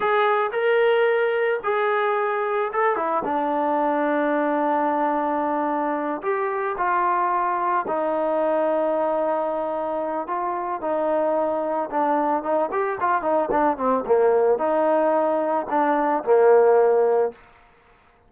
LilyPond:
\new Staff \with { instrumentName = "trombone" } { \time 4/4 \tempo 4 = 111 gis'4 ais'2 gis'4~ | gis'4 a'8 e'8 d'2~ | d'2.~ d'8 g'8~ | g'8 f'2 dis'4.~ |
dis'2. f'4 | dis'2 d'4 dis'8 g'8 | f'8 dis'8 d'8 c'8 ais4 dis'4~ | dis'4 d'4 ais2 | }